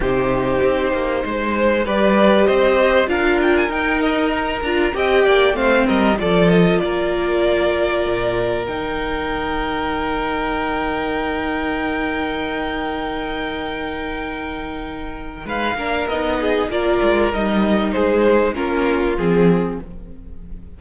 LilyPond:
<<
  \new Staff \with { instrumentName = "violin" } { \time 4/4 \tempo 4 = 97 c''2. d''4 | dis''4 f''8 g''16 gis''16 g''8 dis''8 ais''4 | g''4 f''8 dis''8 d''8 dis''8 d''4~ | d''2 g''2~ |
g''1~ | g''1~ | g''4 f''4 dis''4 d''4 | dis''4 c''4 ais'4 gis'4 | }
  \new Staff \with { instrumentName = "violin" } { \time 4/4 g'2 c''4 b'4 | c''4 ais'2. | dis''8 d''8 c''8 ais'8 a'4 ais'4~ | ais'1~ |
ais'1~ | ais'1~ | ais'4 b'8 ais'4 gis'8 ais'4~ | ais'4 gis'4 f'2 | }
  \new Staff \with { instrumentName = "viola" } { \time 4/4 dis'2. g'4~ | g'4 f'4 dis'4. f'8 | g'4 c'4 f'2~ | f'2 dis'2~ |
dis'1~ | dis'1~ | dis'4. d'8 dis'4 f'4 | dis'2 cis'4 c'4 | }
  \new Staff \with { instrumentName = "cello" } { \time 4/4 c4 c'8 ais8 gis4 g4 | c'4 d'4 dis'4. d'8 | c'8 ais8 a8 g8 f4 ais4~ | ais4 ais,4 dis2~ |
dis1~ | dis1~ | dis4 gis8 ais8 b4 ais8 gis8 | g4 gis4 ais4 f4 | }
>>